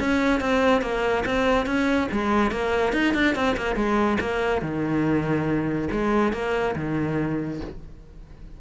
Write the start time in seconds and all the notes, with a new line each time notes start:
0.00 C#4
0.41 C4
0.82 A#3
1.26 C4
1.67 C#4
2.12 G#3
2.52 A#3
2.93 D#4
3.14 D4
3.36 C4
3.57 A#3
3.76 G#3
4.21 A#3
4.62 D#3
5.92 G#3
6.33 A#3
6.76 D#3